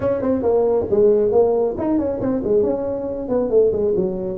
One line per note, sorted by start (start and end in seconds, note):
0.00 0.21 C#4
0.21 0.42 C4
0.42 0.86 A#3
0.90 1.31 G#3
1.31 1.75 A#3
1.77 1.98 D#4
1.98 2.20 C#4
2.20 2.42 C4
2.43 2.63 G#3
2.63 3.28 C#4
3.28 3.50 B3
3.50 3.72 A3
3.72 3.94 G#3
3.95 4.37 F#3